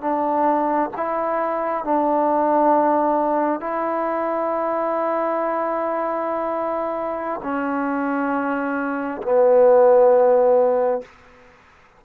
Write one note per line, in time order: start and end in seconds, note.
0.00 0.90 D4
0.96 1.84 E4
1.84 3.60 D4
3.60 7.40 E4
7.42 9.22 C#4
9.22 11.01 B3